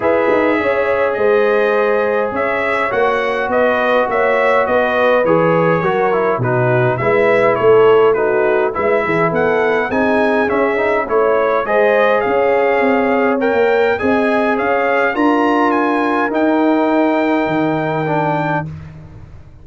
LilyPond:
<<
  \new Staff \with { instrumentName = "trumpet" } { \time 4/4 \tempo 4 = 103 e''2 dis''2 | e''4 fis''4 dis''4 e''4 | dis''4 cis''2 b'4 | e''4 cis''4 b'4 e''4 |
fis''4 gis''4 e''4 cis''4 | dis''4 f''2 g''4 | gis''4 f''4 ais''4 gis''4 | g''1 | }
  \new Staff \with { instrumentName = "horn" } { \time 4/4 b'4 cis''4 c''2 | cis''2 b'4 cis''4 | b'2 ais'4 fis'4 | b'4 a'4 fis'4 b'8 gis'8 |
a'4 gis'2 cis''4 | c''4 cis''2. | dis''4 cis''4 ais'2~ | ais'1 | }
  \new Staff \with { instrumentName = "trombone" } { \time 4/4 gis'1~ | gis'4 fis'2.~ | fis'4 gis'4 fis'8 e'8 dis'4 | e'2 dis'4 e'4~ |
e'4 dis'4 cis'8 dis'8 e'4 | gis'2. ais'4 | gis'2 f'2 | dis'2. d'4 | }
  \new Staff \with { instrumentName = "tuba" } { \time 4/4 e'8 dis'8 cis'4 gis2 | cis'4 ais4 b4 ais4 | b4 e4 fis4 b,4 | gis4 a2 gis8 e8 |
b4 c'4 cis'4 a4 | gis4 cis'4 c'4~ c'16 ais8. | c'4 cis'4 d'2 | dis'2 dis2 | }
>>